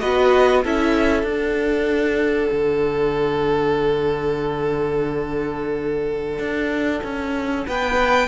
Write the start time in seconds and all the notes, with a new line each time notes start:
0.00 B3 F#4 B4 D#5
0.64 C#4 E4 A4 E5
1.23 D4 F#5
2.52 D3
6.39 D4
7.04 C#4
7.67 B3 B4 G5